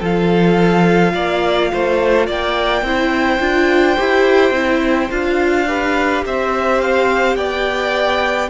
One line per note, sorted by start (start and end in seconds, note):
0.00 1.14 F3
0.00 2.84 F4
0.00 1.13 A4
0.00 2.30 F5
1.15 1.71 A#3
1.15 1.71 D5
1.74 2.29 A3
1.74 2.27 C5
2.27 2.83 A#3
2.27 2.83 D5
2.27 5.11 G5
2.83 3.39 C4
2.83 3.41 E4
2.83 5.69 C5
3.41 3.97 D4
3.41 3.97 F4
3.97 4.51 E4
3.97 4.53 G4
4.51 5.08 C4
4.51 5.10 E4
5.11 6.24 D4
5.11 5.67 F4
5.11 6.25 F5
5.67 8.50 G4
5.67 6.25 B4
6.25 7.36 C4
6.25 7.37 C5
6.25 6.82 E5
6.82 7.36 F5
7.36 8.49 B3
7.36 8.50 D5
7.36 8.50 G5